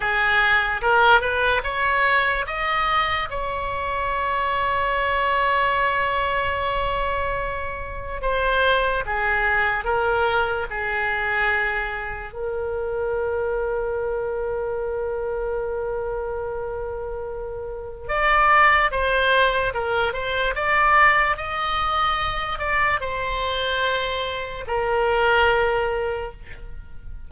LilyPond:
\new Staff \with { instrumentName = "oboe" } { \time 4/4 \tempo 4 = 73 gis'4 ais'8 b'8 cis''4 dis''4 | cis''1~ | cis''2 c''4 gis'4 | ais'4 gis'2 ais'4~ |
ais'1~ | ais'2 d''4 c''4 | ais'8 c''8 d''4 dis''4. d''8 | c''2 ais'2 | }